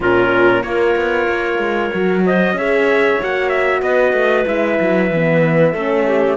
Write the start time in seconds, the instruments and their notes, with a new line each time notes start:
0.00 cello A#2, horn C#4, clarinet F4, trumpet A#4
0.62 cello A#3, horn F4, clarinet A#4, trumpet C#5
0.96 cello B3
1.28 cello A#3
1.58 cello G#3
1.92 cello F#3, horn F#4
2.26 clarinet C5, trumpet D#5
2.53 cello C#4, horn G#4, clarinet C#5, trumpet E5
3.20 cello A#3, horn F#4, trumpet F#5
3.49 trumpet E5
3.82 cello B3, clarinet B4, trumpet D#5
4.12 cello A3
4.45 cello G#3, horn E4, trumpet E5
4.79 cello F#3
5.10 cello E3, horn B3
5.71 cello A3, horn C#4, clarinet A4
6.06 clarinet G4